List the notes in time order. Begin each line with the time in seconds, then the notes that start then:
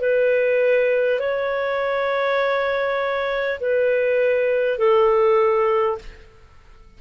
0.00 B4
1.19 C#5
3.60 B4
4.78 A4